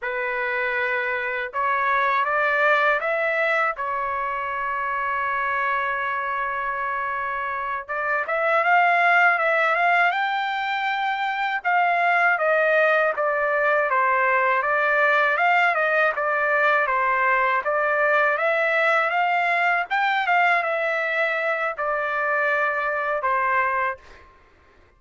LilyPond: \new Staff \with { instrumentName = "trumpet" } { \time 4/4 \tempo 4 = 80 b'2 cis''4 d''4 | e''4 cis''2.~ | cis''2~ cis''8 d''8 e''8 f''8~ | f''8 e''8 f''8 g''2 f''8~ |
f''8 dis''4 d''4 c''4 d''8~ | d''8 f''8 dis''8 d''4 c''4 d''8~ | d''8 e''4 f''4 g''8 f''8 e''8~ | e''4 d''2 c''4 | }